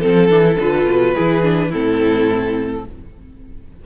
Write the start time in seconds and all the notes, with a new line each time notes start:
0.00 F3 C4 A4
0.29 E3 D4
0.45 E4
0.59 D3 F4 B4
0.85 B2
1.14 E3 E4 G#4
1.43 D4
1.69 A2 C4 E4 A4